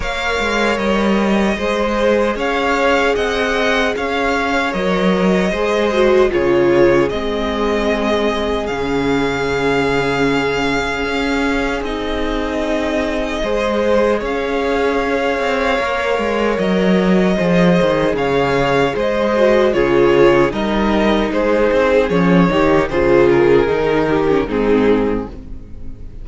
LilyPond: <<
  \new Staff \with { instrumentName = "violin" } { \time 4/4 \tempo 4 = 76 f''4 dis''2 f''4 | fis''4 f''4 dis''2 | cis''4 dis''2 f''4~ | f''2. dis''4~ |
dis''2 f''2~ | f''4 dis''2 f''4 | dis''4 cis''4 dis''4 c''4 | cis''4 c''8 ais'4. gis'4 | }
  \new Staff \with { instrumentName = "violin" } { \time 4/4 cis''2 c''4 cis''4 | dis''4 cis''2 c''4 | gis'1~ | gis'1~ |
gis'4 c''4 cis''2~ | cis''2 c''4 cis''4 | c''4 gis'4 ais'4 gis'4~ | gis'8 g'8 gis'4. g'8 dis'4 | }
  \new Staff \with { instrumentName = "viola" } { \time 4/4 ais'2 gis'2~ | gis'2 ais'4 gis'8 fis'8 | f'4 c'2 cis'4~ | cis'2. dis'4~ |
dis'4 gis'2. | ais'2 gis'2~ | gis'8 fis'8 f'4 dis'2 | cis'8 dis'8 f'4 dis'8. cis'16 c'4 | }
  \new Staff \with { instrumentName = "cello" } { \time 4/4 ais8 gis8 g4 gis4 cis'4 | c'4 cis'4 fis4 gis4 | cis4 gis2 cis4~ | cis2 cis'4 c'4~ |
c'4 gis4 cis'4. c'8 | ais8 gis8 fis4 f8 dis8 cis4 | gis4 cis4 g4 gis8 c'8 | f8 dis8 cis4 dis4 gis,4 | }
>>